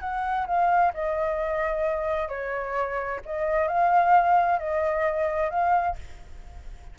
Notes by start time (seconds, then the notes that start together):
0.00 F#5
0.46 F5
0.93 D#5
2.28 C#5
3.25 D#5
3.67 F5
4.59 D#5
5.50 F5